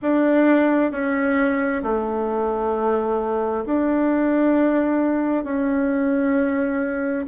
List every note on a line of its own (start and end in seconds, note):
0.02 0.91 D4
0.91 1.82 C#4
1.82 3.64 A3
3.65 5.43 D4
5.43 7.25 C#4